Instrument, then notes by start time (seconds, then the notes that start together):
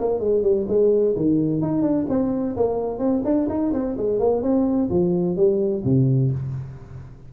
tuba
0.00 A#3
0.20 G#3
0.43 G3
0.68 G#3
1.16 D#3
1.62 D#4
1.82 D4
2.09 C4
2.57 A#3
2.99 C4
3.25 D4
3.49 D#4
3.73 C4
3.97 G#3
4.20 A#3
4.43 C4
4.90 F3
5.37 G3
5.85 C3